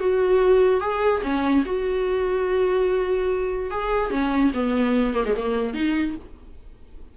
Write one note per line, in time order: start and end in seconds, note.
0.00 0.81 F#4
0.81 1.22 G#4
1.23 1.65 C#4
1.66 3.71 F#4
3.71 4.11 G#4
4.11 4.52 C#4
4.54 5.14 B3
5.14 5.25 A#3
5.25 5.36 G#3
5.36 5.74 A#3
5.74 6.15 D#4